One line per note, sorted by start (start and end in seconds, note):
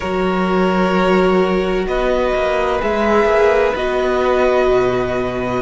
0.00 1.86 F#3
0.00 2.79 F#4
0.00 1.86 A#4
0.00 1.85 C#5
1.86 2.33 B3
1.86 5.62 B4
1.86 2.81 D#5
2.34 2.81 A#3
2.79 3.25 G#3
2.79 3.73 G#4
2.79 3.76 E5
3.25 3.72 A#3
3.75 4.69 B3
3.75 5.62 F#4
3.75 5.62 D#5
4.69 5.62 B2